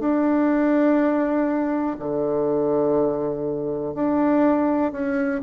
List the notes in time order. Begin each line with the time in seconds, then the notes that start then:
0.00 D4
1.99 D3
3.95 D4
4.93 C#4